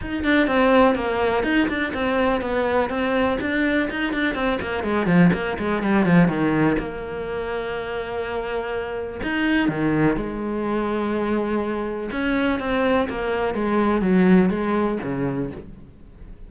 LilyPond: \new Staff \with { instrumentName = "cello" } { \time 4/4 \tempo 4 = 124 dis'8 d'8 c'4 ais4 dis'8 d'8 | c'4 b4 c'4 d'4 | dis'8 d'8 c'8 ais8 gis8 f8 ais8 gis8 | g8 f8 dis4 ais2~ |
ais2. dis'4 | dis4 gis2.~ | gis4 cis'4 c'4 ais4 | gis4 fis4 gis4 cis4 | }